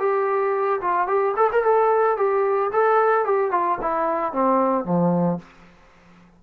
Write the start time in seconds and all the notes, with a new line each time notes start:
0.00 G4
0.82 F4
1.08 G4
1.37 A4
1.52 A#4
1.64 A4
2.17 G4
2.73 A4
3.25 G4
3.51 F4
3.82 E4
4.33 C4
4.85 F3